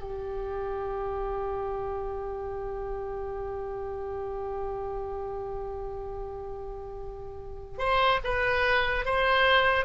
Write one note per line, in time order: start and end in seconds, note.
0.00 7.79 G4
7.79 8.20 C5
8.24 9.05 B4
9.05 9.85 C5